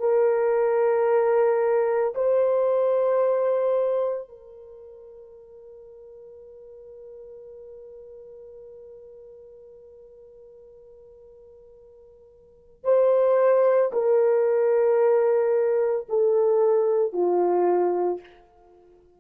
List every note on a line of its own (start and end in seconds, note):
0.00 2.14 A#4
2.15 4.29 C5
4.29 12.85 A#4
12.85 13.92 C5
13.93 16.07 A#4
16.09 17.13 A4
17.13 18.20 F4